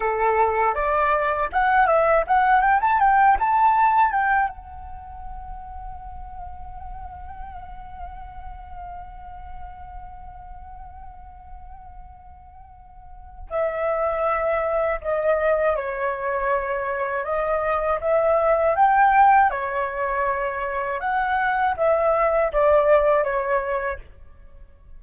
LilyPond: \new Staff \with { instrumentName = "flute" } { \time 4/4 \tempo 4 = 80 a'4 d''4 fis''8 e''8 fis''8 g''16 a''16 | g''8 a''4 g''8 fis''2~ | fis''1~ | fis''1~ |
fis''2 e''2 | dis''4 cis''2 dis''4 | e''4 g''4 cis''2 | fis''4 e''4 d''4 cis''4 | }